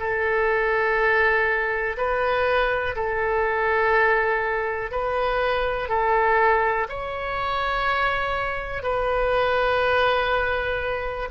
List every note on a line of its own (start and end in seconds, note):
0.00 1.97 A4
1.98 2.96 B4
2.96 4.92 A4
4.92 5.89 B4
5.89 6.88 A4
6.89 8.83 C#5
8.83 11.29 B4